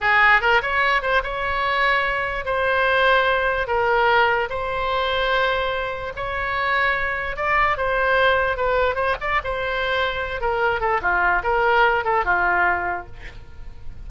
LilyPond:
\new Staff \with { instrumentName = "oboe" } { \time 4/4 \tempo 4 = 147 gis'4 ais'8 cis''4 c''8 cis''4~ | cis''2 c''2~ | c''4 ais'2 c''4~ | c''2. cis''4~ |
cis''2 d''4 c''4~ | c''4 b'4 c''8 d''8 c''4~ | c''4. ais'4 a'8 f'4 | ais'4. a'8 f'2 | }